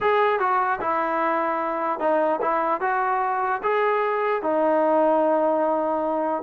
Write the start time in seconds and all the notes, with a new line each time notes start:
0.01 G#4
0.39 F#4
0.81 E4
1.99 D#4
2.41 E4
2.81 F#4
3.62 G#4
4.42 D#4